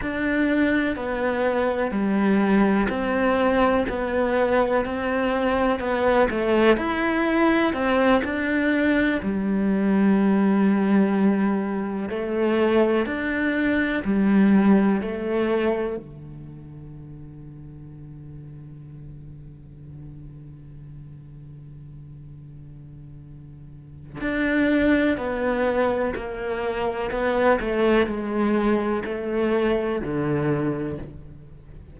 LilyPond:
\new Staff \with { instrumentName = "cello" } { \time 4/4 \tempo 4 = 62 d'4 b4 g4 c'4 | b4 c'4 b8 a8 e'4 | c'8 d'4 g2~ g8~ | g8 a4 d'4 g4 a8~ |
a8 d2.~ d8~ | d1~ | d4 d'4 b4 ais4 | b8 a8 gis4 a4 d4 | }